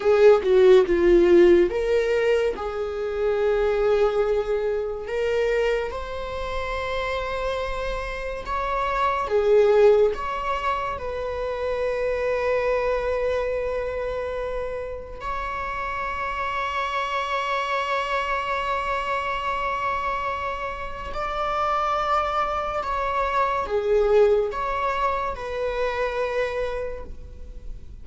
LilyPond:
\new Staff \with { instrumentName = "viola" } { \time 4/4 \tempo 4 = 71 gis'8 fis'8 f'4 ais'4 gis'4~ | gis'2 ais'4 c''4~ | c''2 cis''4 gis'4 | cis''4 b'2.~ |
b'2 cis''2~ | cis''1~ | cis''4 d''2 cis''4 | gis'4 cis''4 b'2 | }